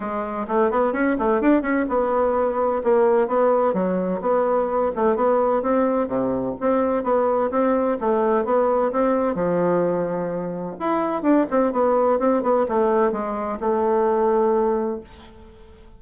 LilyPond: \new Staff \with { instrumentName = "bassoon" } { \time 4/4 \tempo 4 = 128 gis4 a8 b8 cis'8 a8 d'8 cis'8 | b2 ais4 b4 | fis4 b4. a8 b4 | c'4 c4 c'4 b4 |
c'4 a4 b4 c'4 | f2. e'4 | d'8 c'8 b4 c'8 b8 a4 | gis4 a2. | }